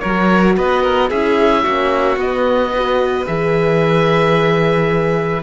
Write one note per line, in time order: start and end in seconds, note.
0.00 0.58 F#3
0.00 0.56 A#4
0.00 0.54 C#5
0.07 1.13 F#4
0.57 1.12 B3
0.57 0.83 B4
0.57 1.10 D#5
0.83 1.10 A#4
1.10 1.66 C#4
1.10 1.66 E4
1.10 1.64 G#4
1.10 2.18 E5
1.64 2.17 A#3
1.64 2.17 C#4
1.64 2.72 F#4
2.17 2.71 B3
2.17 3.25 B3
2.17 3.27 D#5
2.74 3.27 F#4
2.74 5.43 B4
3.27 5.43 E3
3.27 5.43 G#4
3.27 5.43 E5